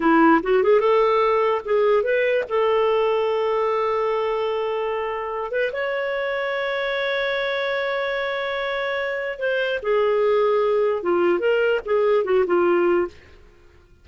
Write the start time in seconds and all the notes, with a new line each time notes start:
0.00 E4
0.42 F#4
0.63 G#4
0.80 A4
1.65 G#4
2.03 B4
2.48 A4
5.51 B4
5.72 C#5
9.38 C5
9.82 G#4
11.02 F4
11.39 A#4
11.85 G#4
12.24 F#4
12.46 F4